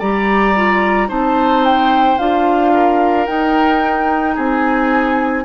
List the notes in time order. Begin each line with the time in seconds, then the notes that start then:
0.00 G3 G4 D5 A#5
0.56 F4
1.08 C4 D#4 C5 A5
1.65 G5
2.19 D4 F4 F5
2.74 A#4
3.26 D#4 G5
4.35 C4 G#4 G#5